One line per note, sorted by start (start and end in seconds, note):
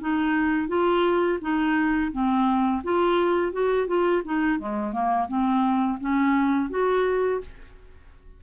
0.00 0.68 D#4
0.68 1.38 F4
1.41 2.11 D#4
2.11 2.82 C4
2.83 3.52 F4
3.52 3.87 F#4
3.87 4.22 F4
4.24 4.59 D#4
4.59 4.92 G#3
4.92 5.27 A#3
5.27 5.98 C4
6.00 6.70 C#4
6.70 7.41 F#4